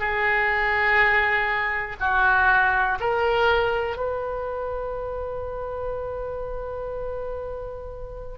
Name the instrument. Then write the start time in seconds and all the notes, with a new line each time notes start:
oboe
0.00 G#4
2.01 F#4
3.00 A#4
3.97 B4